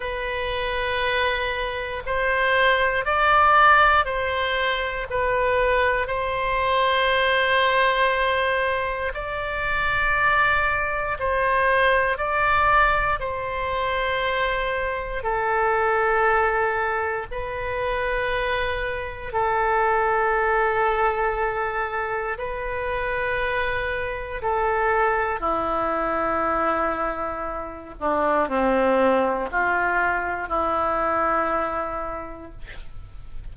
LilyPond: \new Staff \with { instrumentName = "oboe" } { \time 4/4 \tempo 4 = 59 b'2 c''4 d''4 | c''4 b'4 c''2~ | c''4 d''2 c''4 | d''4 c''2 a'4~ |
a'4 b'2 a'4~ | a'2 b'2 | a'4 e'2~ e'8 d'8 | c'4 f'4 e'2 | }